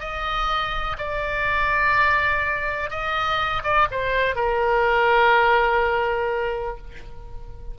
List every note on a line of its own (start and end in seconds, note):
0.00 0.97 D#5
0.98 2.90 D5
2.90 3.63 D#5
3.63 3.88 D5
3.91 4.35 C5
4.35 6.77 A#4